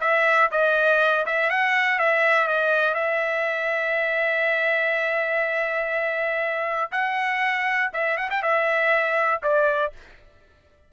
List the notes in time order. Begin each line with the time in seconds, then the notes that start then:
0.00 E5
0.51 D#5
1.26 E5
1.49 F#5
1.98 E5
2.47 D#5
2.94 E5
6.91 F#5
7.93 E5
8.17 F#5
8.30 G5
8.42 E5
9.43 D5